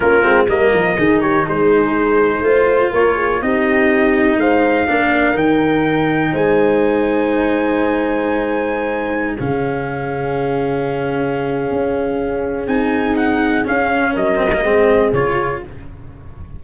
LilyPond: <<
  \new Staff \with { instrumentName = "trumpet" } { \time 4/4 \tempo 4 = 123 ais'4 dis''4. cis''8 c''4~ | c''2 cis''4 dis''4~ | dis''4 f''2 g''4~ | g''4 gis''2.~ |
gis''2.~ gis''16 f''8.~ | f''1~ | f''2 gis''4 fis''4 | f''4 dis''2 cis''4 | }
  \new Staff \with { instrumentName = "horn" } { \time 4/4 f'4 ais'4 gis'8 g'8 gis'4~ | gis'4 c''4 ais'8 gis'8 g'4~ | g'4 c''4 ais'2~ | ais'4 c''2.~ |
c''2.~ c''16 gis'8.~ | gis'1~ | gis'1~ | gis'4 ais'4 gis'2 | }
  \new Staff \with { instrumentName = "cello" } { \time 4/4 cis'8 c'8 ais4 dis'2~ | dis'4 f'2 dis'4~ | dis'2 d'4 dis'4~ | dis'1~ |
dis'2.~ dis'16 cis'8.~ | cis'1~ | cis'2 dis'2 | cis'4. c'16 ais16 c'4 f'4 | }
  \new Staff \with { instrumentName = "tuba" } { \time 4/4 ais8 gis8 g8 f8 dis4 gis4~ | gis4 a4 ais4 c'4~ | c'4 gis4 ais4 dis4~ | dis4 gis2.~ |
gis2.~ gis16 cis8.~ | cis1 | cis'2 c'2 | cis'4 fis4 gis4 cis4 | }
>>